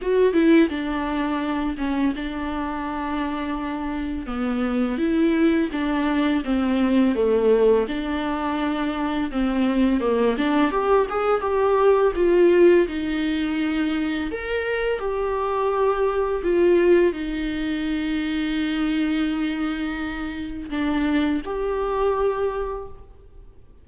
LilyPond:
\new Staff \with { instrumentName = "viola" } { \time 4/4 \tempo 4 = 84 fis'8 e'8 d'4. cis'8 d'4~ | d'2 b4 e'4 | d'4 c'4 a4 d'4~ | d'4 c'4 ais8 d'8 g'8 gis'8 |
g'4 f'4 dis'2 | ais'4 g'2 f'4 | dis'1~ | dis'4 d'4 g'2 | }